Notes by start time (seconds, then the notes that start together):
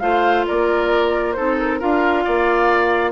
0.00 A3 F4 C5 F5
0.47 A#3 A#4 D5
1.32 D#4 A4 C5
1.38 C4
1.58 A#4
1.79 D4 F4 A#4 F5
2.24 A#3 D5